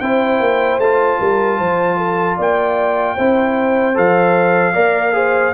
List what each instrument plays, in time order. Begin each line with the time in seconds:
0.00 tuba C4, trombone E4, horn C5, trumpet G5
0.40 tuba A#3
0.79 tuba A3, trombone F4, trumpet A5
1.19 tuba G3, horn A#4
1.58 tuba F3, horn C5
1.97 horn A4
2.37 tuba A#3, horn D5, trumpet G5
3.15 tuba C4, trombone E4, horn C5
3.95 tuba F3, trombone A4, trumpet F5
4.73 tuba A#3, trombone A#4, horn D5
5.13 trombone G#4, horn C5